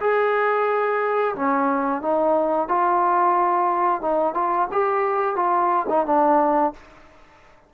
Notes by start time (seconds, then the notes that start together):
0.00 G#4
1.35 C#4
2.02 D#4
2.68 F4
4.01 D#4
4.34 F4
4.72 G4
5.36 F4
5.89 D#4
6.06 D4